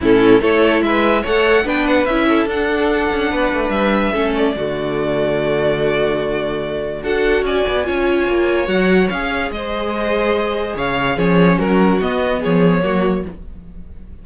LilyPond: <<
  \new Staff \with { instrumentName = "violin" } { \time 4/4 \tempo 4 = 145 a'4 cis''4 e''4 fis''4 | g''8 fis''8 e''4 fis''2~ | fis''4 e''4. d''4.~ | d''1~ |
d''4 fis''4 gis''2~ | gis''4 fis''4 f''4 dis''4~ | dis''2 f''4 cis''4 | ais'4 dis''4 cis''2 | }
  \new Staff \with { instrumentName = "violin" } { \time 4/4 e'4 a'4 b'4 cis''4 | b'4. a'2~ a'8 | b'2 a'4 fis'4~ | fis'1~ |
fis'4 a'4 d''4 cis''4~ | cis''2. c''4~ | c''2 cis''4 gis'4 | fis'2 gis'4 fis'4 | }
  \new Staff \with { instrumentName = "viola" } { \time 4/4 cis'4 e'2 a'4 | d'4 e'4 d'2~ | d'2 cis'4 a4~ | a1~ |
a4 fis'2 f'4~ | f'4 fis'4 gis'2~ | gis'2. cis'4~ | cis'4 b2 ais4 | }
  \new Staff \with { instrumentName = "cello" } { \time 4/4 a,4 a4 gis4 a4 | b4 cis'4 d'4. cis'8 | b8 a8 g4 a4 d4~ | d1~ |
d4 d'4 cis'8 b8 cis'4 | ais4 fis4 cis'4 gis4~ | gis2 cis4 f4 | fis4 b4 f4 fis4 | }
>>